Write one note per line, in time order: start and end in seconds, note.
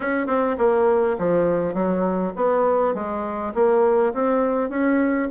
0.00 0.26 C#4
0.26 0.56 C4
0.58 1.17 A#3
1.18 1.74 F3
1.74 2.32 F#3
2.36 2.94 B3
2.94 3.53 G#3
3.54 4.13 A#3
4.13 4.69 C4
4.69 5.28 C#4